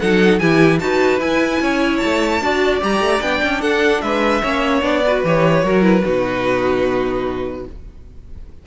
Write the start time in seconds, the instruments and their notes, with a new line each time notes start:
0.00 cello F#3, viola D#4, violin A4 F#5
0.39 cello E3, viola E4, violin G4 G#5
0.80 cello D#4, viola F#4, violin B4 A5
1.20 cello E4, viola E4, violin G#5
1.60 cello C#4, violin C#5
1.98 violin A5
2.05 cello A3
2.42 cello D4, viola F#4, violin D5
2.81 cello G3, viola G4, violin A#5
3.00 cello A3
3.21 cello B3, viola D4, violin G5
3.43 cello C#4
3.61 cello D4, violin A4 F#5
4.01 cello G#3, violin B4 E5
4.42 cello A#3, viola C#4, violin C#5
4.82 cello B3, viola D4, violin D5
5.06 viola F#4, violin B4
5.24 cello E3, viola G4, violin C#5
5.63 cello F#3, viola F#4, violin A#4
5.82 viola E4, violin B4
6.05 cello B2, viola D#4, violin F#4